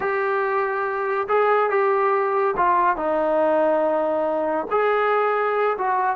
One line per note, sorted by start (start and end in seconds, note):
0.00 1.27 G4
1.28 1.69 G#4
1.69 2.55 G4
2.56 2.96 F4
2.96 4.66 D#4
4.70 5.77 G#4
5.78 6.16 F#4